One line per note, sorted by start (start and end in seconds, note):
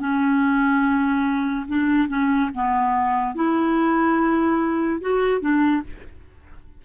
0.00 1.67 C#4
1.68 2.09 D4
2.09 2.50 C#4
2.55 3.35 B3
3.35 5.02 E4
5.02 5.41 F#4
5.41 5.83 D4